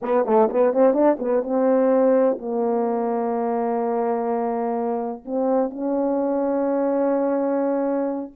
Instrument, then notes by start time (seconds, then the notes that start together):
horn
0.02 B3
0.25 A3
0.49 B3
0.73 C4
0.93 D4
1.19 B3
1.42 C4
2.38 A#3
5.25 C4
5.70 C#4